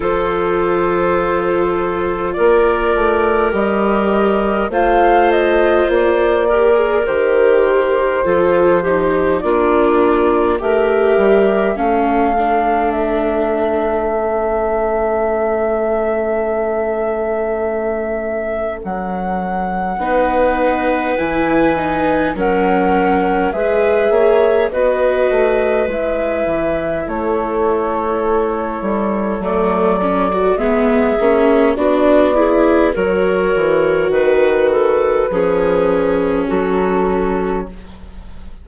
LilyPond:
<<
  \new Staff \with { instrumentName = "flute" } { \time 4/4 \tempo 4 = 51 c''2 d''4 dis''4 | f''8 dis''8 d''4 c''2 | d''4 e''4 f''4 e''4~ | e''1 |
fis''2 gis''4 fis''4 | e''4 dis''4 e''4 cis''4~ | cis''4 d''4 e''4 d''4 | cis''4 b'2 a'4 | }
  \new Staff \with { instrumentName = "clarinet" } { \time 4/4 a'2 ais'2 | c''4. ais'4. a'8 g'8 | f'4 ais'4 a'2~ | a'1~ |
a'4 b'2 ais'4 | b'8 cis''8 b'2 a'4~ | a'2 gis'4 fis'8 gis'8 | ais'4 b'8 a'8 gis'4 fis'4 | }
  \new Staff \with { instrumentName = "viola" } { \time 4/4 f'2. g'4 | f'4. g'16 gis'16 g'4 f'8 dis'8 | d'4 g'4 cis'8 d'4. | cis'1~ |
cis'4 dis'4 e'8 dis'8 cis'4 | gis'4 fis'4 e'2~ | e'4 a8 cis'16 fis'16 b8 cis'8 d'8 e'8 | fis'2 cis'2 | }
  \new Staff \with { instrumentName = "bassoon" } { \time 4/4 f2 ais8 a8 g4 | a4 ais4 dis4 f4 | ais4 a8 g8 a2~ | a1 |
fis4 b4 e4 fis4 | gis8 ais8 b8 a8 gis8 e8 a4~ | a8 g8 fis4 gis8 ais8 b4 | fis8 e8 dis4 f4 fis4 | }
>>